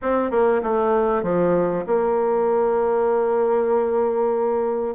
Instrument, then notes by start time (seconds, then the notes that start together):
bassoon
0.02 C4
0.30 A#3
0.62 A3
1.23 F3
1.86 A#3